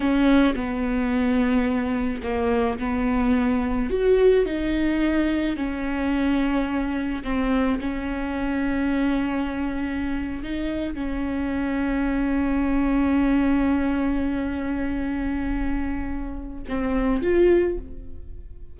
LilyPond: \new Staff \with { instrumentName = "viola" } { \time 4/4 \tempo 4 = 108 cis'4 b2. | ais4 b2 fis'4 | dis'2 cis'2~ | cis'4 c'4 cis'2~ |
cis'2~ cis'8. dis'4 cis'16~ | cis'1~ | cis'1~ | cis'2 c'4 f'4 | }